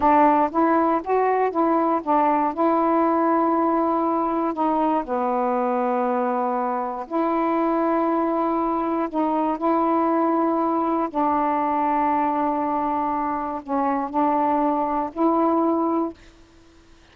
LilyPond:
\new Staff \with { instrumentName = "saxophone" } { \time 4/4 \tempo 4 = 119 d'4 e'4 fis'4 e'4 | d'4 e'2.~ | e'4 dis'4 b2~ | b2 e'2~ |
e'2 dis'4 e'4~ | e'2 d'2~ | d'2. cis'4 | d'2 e'2 | }